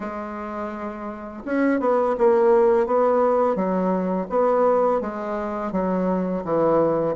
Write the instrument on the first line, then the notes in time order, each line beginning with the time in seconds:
bassoon
0.00 G#3
1.44 C#4
1.80 B3
2.18 A#3
2.86 B3
3.55 F#3
4.29 B3
5.00 G#3
5.71 F#3
6.44 E3